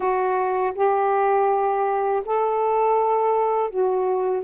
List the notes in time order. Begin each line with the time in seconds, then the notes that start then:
0.00 F#4
0.74 G4
2.25 A4
3.69 F#4